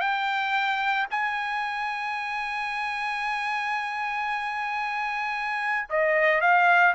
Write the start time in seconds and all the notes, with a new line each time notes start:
0.00 G5
1.10 G#5
5.89 D#5
6.41 F5